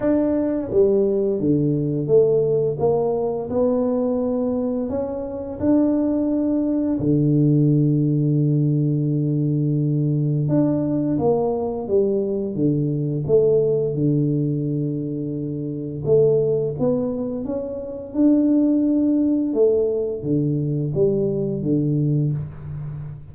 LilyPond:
\new Staff \with { instrumentName = "tuba" } { \time 4/4 \tempo 4 = 86 d'4 g4 d4 a4 | ais4 b2 cis'4 | d'2 d2~ | d2. d'4 |
ais4 g4 d4 a4 | d2. a4 | b4 cis'4 d'2 | a4 d4 g4 d4 | }